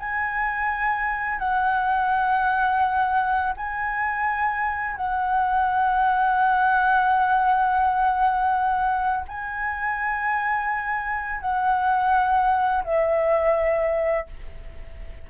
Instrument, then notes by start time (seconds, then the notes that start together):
flute
0.00 G#5
1.39 F#5
3.57 G#5
4.97 F#5
9.28 G#5
11.41 F#5
12.84 E5